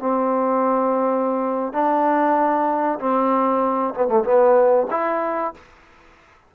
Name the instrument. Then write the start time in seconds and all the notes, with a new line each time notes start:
trombone
0.00 C4
1.73 D4
3.00 C4
3.95 B3
4.08 A3
4.25 B3
4.91 E4